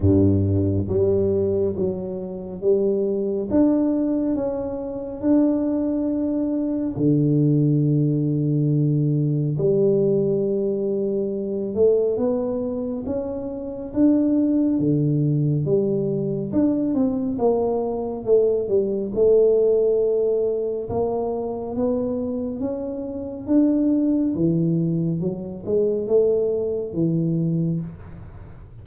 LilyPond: \new Staff \with { instrumentName = "tuba" } { \time 4/4 \tempo 4 = 69 g,4 g4 fis4 g4 | d'4 cis'4 d'2 | d2. g4~ | g4. a8 b4 cis'4 |
d'4 d4 g4 d'8 c'8 | ais4 a8 g8 a2 | ais4 b4 cis'4 d'4 | e4 fis8 gis8 a4 e4 | }